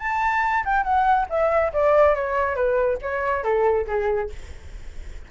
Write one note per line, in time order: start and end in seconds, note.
0.00 0.64 A5
0.65 0.84 G5
0.84 1.27 F#5
1.30 1.73 E5
1.73 2.15 D5
2.15 2.56 C#5
2.56 2.99 B4
3.02 3.44 C#5
3.44 3.87 A4
3.88 4.31 G#4